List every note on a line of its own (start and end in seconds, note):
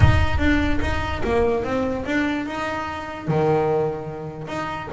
0.00 0.38 D#4
0.38 0.79 D4
0.81 1.22 D#4
1.24 1.63 A#3
1.63 2.04 C4
2.05 2.45 D4
2.45 3.27 D#4
3.27 4.47 D#3
4.47 4.88 D#4